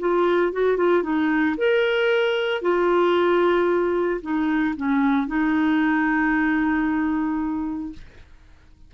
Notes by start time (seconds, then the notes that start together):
0.00 F4
0.53 F#4
0.77 F4
1.03 D#4
1.57 A#4
2.62 F4
4.22 D#4
4.77 C#4
5.28 D#4